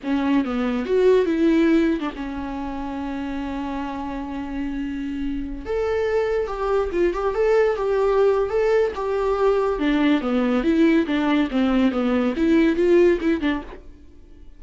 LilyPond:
\new Staff \with { instrumentName = "viola" } { \time 4/4 \tempo 4 = 141 cis'4 b4 fis'4 e'4~ | e'8. d'16 cis'2.~ | cis'1~ | cis'4~ cis'16 a'2 g'8.~ |
g'16 f'8 g'8 a'4 g'4.~ g'16 | a'4 g'2 d'4 | b4 e'4 d'4 c'4 | b4 e'4 f'4 e'8 d'8 | }